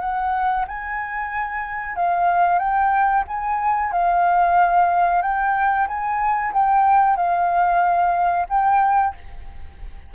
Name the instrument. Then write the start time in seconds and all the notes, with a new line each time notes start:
flute
0.00 F#5
0.67 G#5
1.96 F5
2.58 G5
3.27 G#5
3.92 F5
5.22 G5
5.87 G#5
6.53 G5
7.16 F5
8.49 G5